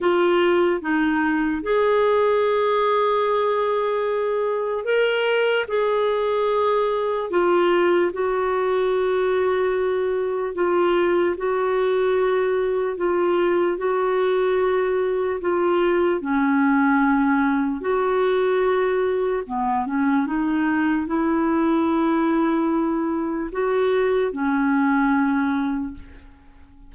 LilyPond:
\new Staff \with { instrumentName = "clarinet" } { \time 4/4 \tempo 4 = 74 f'4 dis'4 gis'2~ | gis'2 ais'4 gis'4~ | gis'4 f'4 fis'2~ | fis'4 f'4 fis'2 |
f'4 fis'2 f'4 | cis'2 fis'2 | b8 cis'8 dis'4 e'2~ | e'4 fis'4 cis'2 | }